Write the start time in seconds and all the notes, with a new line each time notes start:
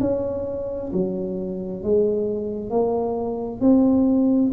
0.00 C#4
0.92 F#3
1.83 G#3
2.70 A#3
3.60 C4